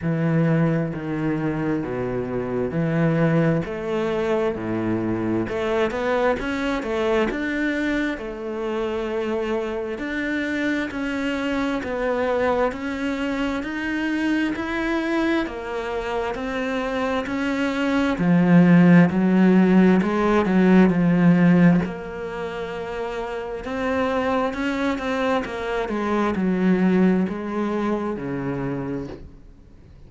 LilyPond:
\new Staff \with { instrumentName = "cello" } { \time 4/4 \tempo 4 = 66 e4 dis4 b,4 e4 | a4 a,4 a8 b8 cis'8 a8 | d'4 a2 d'4 | cis'4 b4 cis'4 dis'4 |
e'4 ais4 c'4 cis'4 | f4 fis4 gis8 fis8 f4 | ais2 c'4 cis'8 c'8 | ais8 gis8 fis4 gis4 cis4 | }